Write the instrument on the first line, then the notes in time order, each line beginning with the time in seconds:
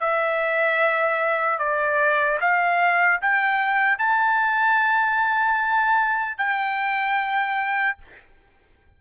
trumpet
0.00 E5
1.58 D5
2.40 F5
3.21 G5
3.98 A5
6.38 G5